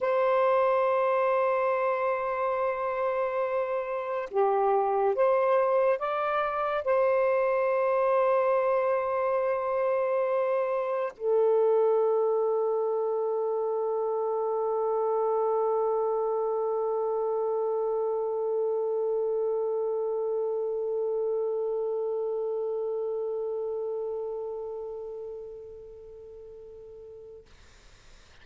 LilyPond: \new Staff \with { instrumentName = "saxophone" } { \time 4/4 \tempo 4 = 70 c''1~ | c''4 g'4 c''4 d''4 | c''1~ | c''4 a'2.~ |
a'1~ | a'1~ | a'1~ | a'1 | }